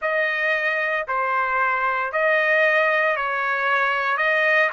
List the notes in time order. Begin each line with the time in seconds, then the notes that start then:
0.01 D#5
1.07 C5
2.12 D#5
3.16 C#5
4.17 D#5